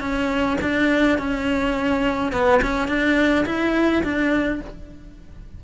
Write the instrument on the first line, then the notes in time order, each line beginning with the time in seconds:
cello
0.00 C#4
0.62 D4
1.18 C#4
2.32 B3
2.62 C#4
2.88 D4
3.46 E4
4.03 D4